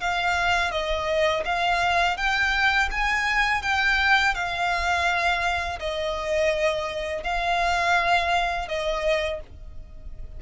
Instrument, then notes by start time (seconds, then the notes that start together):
violin
0.00 F5
0.71 D#5
1.45 F5
2.17 G5
2.91 G#5
3.62 G5
4.34 F5
5.79 D#5
7.23 F5
8.68 D#5